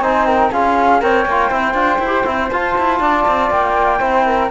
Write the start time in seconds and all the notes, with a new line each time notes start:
0.00 C4 D#4 C5 G#5
0.26 A#4 G5
0.51 C#4 F4 G#4 F5
1.00 C4 A#4 C#5 G5
1.26 A#3 F4
1.49 C4 E4 C5
1.74 D4 F4
1.99 E4
2.06 G4
2.25 C4 E4
2.51 F4 A5
2.78 E4
3.00 D4 D5
3.28 C4
3.50 A#3 G5
3.99 C4 E4 C5
4.26 A#4